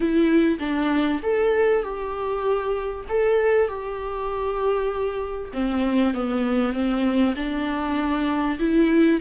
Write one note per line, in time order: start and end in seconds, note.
0.00 0.58 E4
0.59 1.20 D4
1.22 1.83 A4
1.83 3.05 G4
3.08 3.67 A4
3.67 5.51 G4
5.53 6.14 C4
6.14 6.73 B3
6.73 7.34 C4
7.36 8.58 D4
8.59 9.20 E4